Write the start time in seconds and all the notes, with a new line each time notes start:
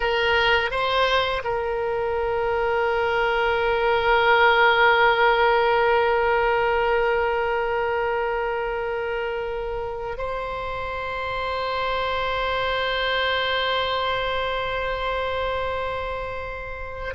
0.00 A#4
0.70 C5
1.44 A#4
10.17 C5